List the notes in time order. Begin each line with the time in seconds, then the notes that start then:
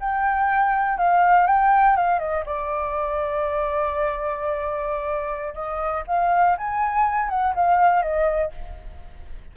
0.00 G5
0.98 F5
1.47 G5
1.96 F5
2.19 D#5
2.45 D5
5.54 D#5
6.07 F5
6.57 G#5
7.29 F#5
7.54 F5
8.02 D#5